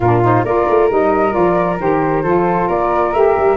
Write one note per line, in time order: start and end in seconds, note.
0.00 0.43 A#2
0.00 0.22 D4
0.00 0.44 F4
0.00 0.23 A#4
0.22 0.44 D#4
0.22 0.45 C5
0.44 0.66 A#3
0.44 0.89 F4
0.44 2.23 A#4
0.44 0.89 D5
0.69 0.90 A3
0.89 1.35 G3
0.89 1.30 D#4
0.89 1.33 D#5
1.30 1.79 F3
1.30 1.75 F4
1.30 1.78 D5
1.79 2.23 D#3
1.79 2.24 G4
1.79 2.69 C5
2.23 2.68 F3
2.23 3.14 F4
2.23 2.67 A4
2.67 3.13 A#3
2.67 3.56 A#4
2.67 3.13 D5
3.13 3.36 A3
3.13 3.56 G4
3.13 3.56 E5
3.37 3.56 G3